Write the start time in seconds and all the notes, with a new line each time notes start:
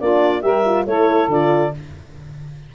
0.00 A#3 D4 F4 D5
0.42 G3 G4 A#4 E5
0.65 F4
0.86 A3 E4 A4 C#5
1.28 D3 F4 D5